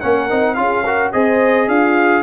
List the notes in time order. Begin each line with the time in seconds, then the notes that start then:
0.00 A#3 C#4 A#4 F#5
0.30 C4 D#4
0.55 C#4 F4 F5
0.61 G#4
0.84 F#4 A#4
1.13 C4 G#4 C5 D#5
1.68 D4 F4 F5